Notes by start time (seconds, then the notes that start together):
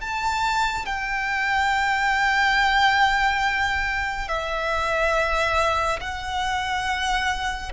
0.00 A5
0.85 G5
4.28 E5
6.00 F#5